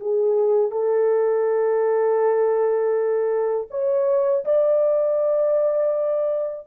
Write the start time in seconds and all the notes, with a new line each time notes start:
0.00 G#4
0.71 A4
3.70 C#5
4.45 D5